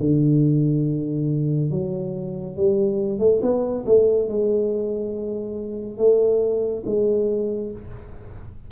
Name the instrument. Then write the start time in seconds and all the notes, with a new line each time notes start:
tuba
0.00 D3
1.71 F#3
2.56 G3
3.19 A3
3.42 B3
3.86 A3
4.29 G#3
5.98 A3
6.86 G#3